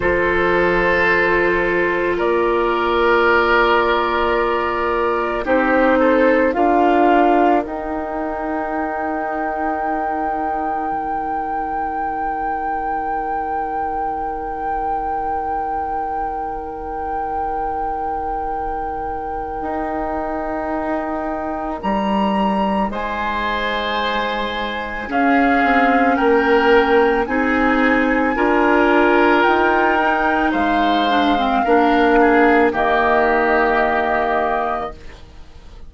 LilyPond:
<<
  \new Staff \with { instrumentName = "flute" } { \time 4/4 \tempo 4 = 55 c''2 d''2~ | d''4 c''4 f''4 g''4~ | g''1~ | g''1~ |
g''1 | ais''4 gis''2 f''4 | g''4 gis''2 g''4 | f''2 dis''2 | }
  \new Staff \with { instrumentName = "oboe" } { \time 4/4 a'2 ais'2~ | ais'4 g'8 a'8 ais'2~ | ais'1~ | ais'1~ |
ais'1~ | ais'4 c''2 gis'4 | ais'4 gis'4 ais'2 | c''4 ais'8 gis'8 g'2 | }
  \new Staff \with { instrumentName = "clarinet" } { \time 4/4 f'1~ | f'4 dis'4 f'4 dis'4~ | dis'1~ | dis'1~ |
dis'1~ | dis'2. cis'4~ | cis'4 dis'4 f'4. dis'8~ | dis'8 d'16 c'16 d'4 ais2 | }
  \new Staff \with { instrumentName = "bassoon" } { \time 4/4 f2 ais2~ | ais4 c'4 d'4 dis'4~ | dis'2 dis2~ | dis1~ |
dis2 dis'2 | g4 gis2 cis'8 c'8 | ais4 c'4 d'4 dis'4 | gis4 ais4 dis2 | }
>>